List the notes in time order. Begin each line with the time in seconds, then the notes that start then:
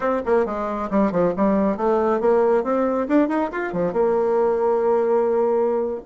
0.00 C4
0.25 A#3
0.45 G#3
0.90 G3
1.11 F3
1.36 G3
1.76 A3
2.20 A#3
2.63 C4
3.08 D4
3.28 D#4
3.51 F4
3.72 F3
3.92 A#3